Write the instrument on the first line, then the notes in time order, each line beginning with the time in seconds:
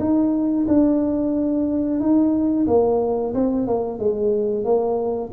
tuba
0.00 D#4
0.68 D4
2.01 D#4
2.68 A#3
3.35 C4
3.68 A#3
4.00 G#3
4.65 A#3